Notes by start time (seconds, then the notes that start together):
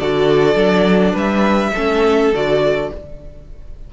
0.00 D3 F#4 A4 D5
0.55 F#3 D4
1.13 G3 B4 E5
1.74 A3 C#4 A4
2.33 D3 F#4 D5